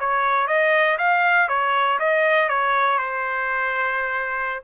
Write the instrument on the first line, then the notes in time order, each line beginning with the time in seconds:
trumpet
0.00 C#5
0.48 D#5
0.98 F5
1.49 C#5
2.00 D#5
2.49 C#5
2.99 C5